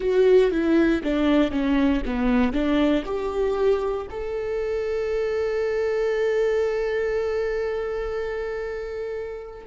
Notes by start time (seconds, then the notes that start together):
0.00 F#4
0.51 E4
1.03 D4
1.51 C#4
2.05 B3
2.52 D4
3.05 G4
4.10 A4